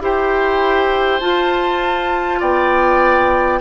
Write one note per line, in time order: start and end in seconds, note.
0.00 1.20 E4
0.00 1.21 G4
0.00 2.39 C5
0.00 1.20 G5
1.20 3.60 F4
1.20 2.41 F4
1.20 2.40 A5
2.39 3.60 B3
2.39 3.59 D5
2.39 3.60 G5